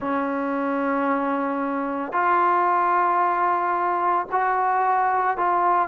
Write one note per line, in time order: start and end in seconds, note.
0.00 2.12 C#4
2.12 4.26 F4
4.31 5.37 F#4
5.37 5.88 F4